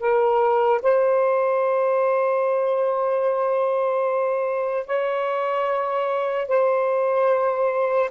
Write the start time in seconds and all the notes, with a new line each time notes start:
0.00 A#4
0.83 C5
4.87 C#5
6.49 C5